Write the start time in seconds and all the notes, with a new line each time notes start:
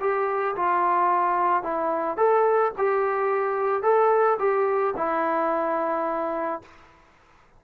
0.00 G4
0.56 F4
1.63 E4
2.16 A4
2.78 G4
3.83 A4
4.39 G4
4.96 E4